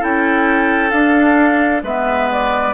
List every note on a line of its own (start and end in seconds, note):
0.00 0.92 C#4
0.00 0.91 E4
0.00 1.82 A4
0.00 0.91 G5
0.91 1.83 D4
0.91 1.85 D4
0.91 1.82 F5
1.84 2.74 G#3
1.84 2.75 B3
1.84 2.75 B4
1.84 2.31 E5
2.33 2.75 D5